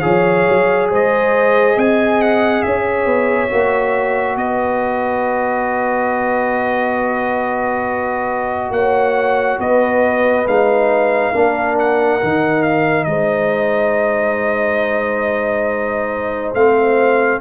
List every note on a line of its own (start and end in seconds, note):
0.00 0.47 F3
0.00 3.49 G#4
0.00 0.90 C#5
0.00 0.87 F5
0.48 0.91 F#3
0.90 1.77 G#3
0.90 1.77 C5
0.90 1.79 D#5
1.77 2.64 C4
1.77 2.64 D#5
1.77 2.21 G#5
2.21 2.62 F#5
2.62 3.05 C#4
2.62 4.38 C#5
2.62 4.36 E5
3.05 3.49 B3
3.50 4.36 A#3
3.50 10.46 F#4
4.36 8.71 B3
4.36 8.73 B4
4.36 8.72 D#5
8.71 9.58 A#3
8.71 9.59 C#5
8.71 9.59 F#5
9.59 10.46 B3
9.59 11.32 B4
9.59 10.47 D#5
10.46 11.33 G#3
10.46 11.33 D#4
10.46 11.78 F5
11.32 12.22 A#3
11.32 12.20 D4
11.32 13.06 A#4
11.79 12.62 F#5
12.21 13.06 D#3
12.21 16.56 D#4
12.62 13.04 F5
13.04 16.54 G#3
13.04 17.41 C5
13.04 16.52 D#5
16.54 17.41 A3
16.54 17.41 C4
16.54 17.41 F5